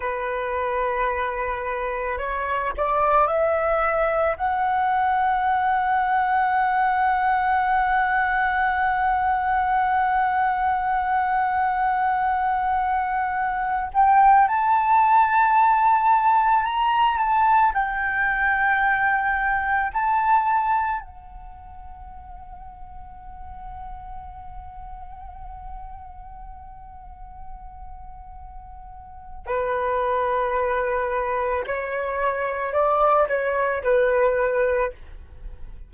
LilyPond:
\new Staff \with { instrumentName = "flute" } { \time 4/4 \tempo 4 = 55 b'2 cis''8 d''8 e''4 | fis''1~ | fis''1~ | fis''8. g''8 a''2 ais''8 a''16~ |
a''16 g''2 a''4 fis''8.~ | fis''1~ | fis''2. b'4~ | b'4 cis''4 d''8 cis''8 b'4 | }